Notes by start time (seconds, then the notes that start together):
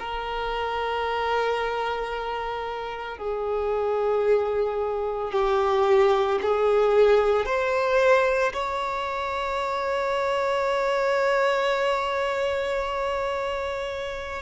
0.00 A#4
3.18 G#4
5.32 G4
6.42 G#4
7.46 C5
8.53 C#5